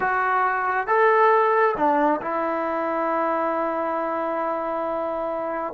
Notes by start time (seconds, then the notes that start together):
0.00 F#4
0.87 A4
1.76 D4
2.21 E4